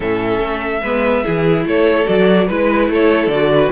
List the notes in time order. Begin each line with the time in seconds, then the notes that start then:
0.00 A2 C#4 A4 E5
0.40 A3
0.83 G#3 B3 B4
1.24 E3 E4 G#4
1.64 A3 A4 C#5
2.05 F#3 F#4 D5
2.47 G#3 E4 B4
2.89 A3 A4 C#5
3.27 D3 F#4 D5
3.55 B4